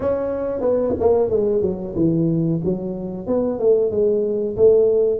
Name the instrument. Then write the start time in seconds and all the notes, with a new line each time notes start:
tuba
0.00 C#4
0.60 B3
1.00 A#3
1.30 G#3
1.61 F#3
1.95 E3
2.64 F#3
3.26 B3
3.59 A3
3.90 G#3
4.56 A3